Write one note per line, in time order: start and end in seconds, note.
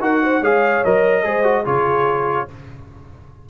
0.00 0.42 D#4
0.00 0.43 F#4
0.00 0.24 A#4
0.00 0.44 F#5
0.24 0.41 C5
0.41 0.83 G#3
0.41 0.85 G#4
0.41 1.24 C#5
0.41 0.85 F5
0.85 1.25 F#3
0.85 1.24 A#4
0.85 1.67 D#5
1.24 1.67 G#3
1.24 1.44 G#4
1.24 1.64 C5
1.44 1.65 F#4
1.64 2.50 C#3
1.64 2.48 F4
1.64 2.48 G#4
1.64 2.50 C#5